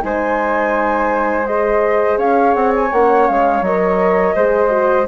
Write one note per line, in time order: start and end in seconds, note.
0.00 2.18 G#3
0.00 1.45 D#4
0.00 2.18 C5
0.00 1.46 G#5
1.46 2.90 G#4
1.46 2.19 D#5
2.18 2.54 C#4
2.18 4.35 C#5
2.18 2.54 F5
2.54 2.91 C4
2.54 2.72 F#5
2.76 2.93 G#5
2.93 3.29 A#3
2.93 3.66 C#4
2.93 3.28 F#5
3.28 3.62 G#3
3.28 3.64 F5
3.62 4.34 F#3
3.62 4.37 A#4
3.62 5.08 D#5
4.36 5.08 G#3
4.36 4.70 G#4
4.36 5.08 C5
4.70 5.06 F#4